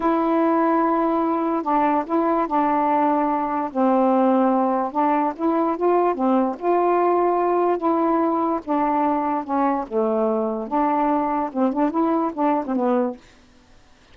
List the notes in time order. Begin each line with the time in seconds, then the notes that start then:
0.00 E4
1.62 D4
2.06 E4
2.47 D4
3.71 C4
4.92 D4
5.36 E4
5.76 F4
6.14 C4
6.58 F4
7.77 E4
8.64 D4
9.44 C#4
9.87 A3
10.67 D4
11.52 C4
11.72 D4
11.90 E4
12.33 D4
12.66 C4
12.75 B3